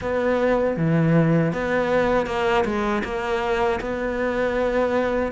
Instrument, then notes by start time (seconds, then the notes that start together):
cello
0.01 B3
0.76 E3
1.52 B3
2.26 A#3
2.64 G#3
3.03 A#3
3.80 B3